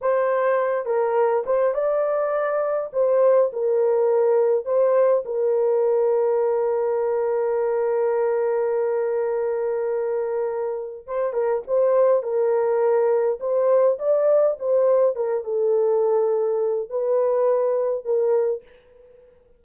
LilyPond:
\new Staff \with { instrumentName = "horn" } { \time 4/4 \tempo 4 = 103 c''4. ais'4 c''8 d''4~ | d''4 c''4 ais'2 | c''4 ais'2.~ | ais'1~ |
ais'2. c''8 ais'8 | c''4 ais'2 c''4 | d''4 c''4 ais'8 a'4.~ | a'4 b'2 ais'4 | }